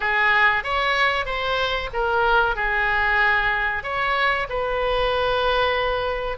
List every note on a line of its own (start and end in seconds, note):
0.00 0.63 G#4
0.63 1.25 C#5
1.25 1.89 C5
1.93 2.55 A#4
2.55 3.83 G#4
3.83 4.47 C#5
4.49 6.37 B4